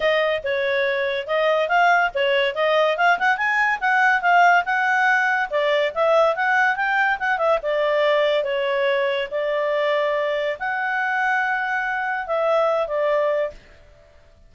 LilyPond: \new Staff \with { instrumentName = "clarinet" } { \time 4/4 \tempo 4 = 142 dis''4 cis''2 dis''4 | f''4 cis''4 dis''4 f''8 fis''8 | gis''4 fis''4 f''4 fis''4~ | fis''4 d''4 e''4 fis''4 |
g''4 fis''8 e''8 d''2 | cis''2 d''2~ | d''4 fis''2.~ | fis''4 e''4. d''4. | }